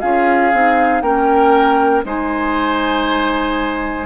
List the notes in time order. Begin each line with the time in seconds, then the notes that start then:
0.00 C#4 F4 G#4 F5
0.53 C4 D#4
1.01 A#3 C#4 A#4 G5
2.04 G#3 D#4 C5 G#5